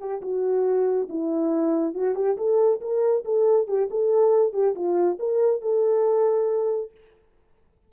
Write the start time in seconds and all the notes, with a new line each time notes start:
0.00 G4
0.22 F#4
1.09 E4
1.95 F#4
2.16 G4
2.38 A4
2.81 A#4
3.25 A4
3.68 G4
3.91 A4
4.53 G4
4.75 F4
5.19 A#4
5.62 A4